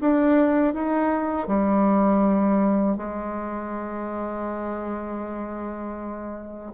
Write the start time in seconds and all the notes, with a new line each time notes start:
0.00 D4
0.73 D#4
1.47 G3
2.97 G#3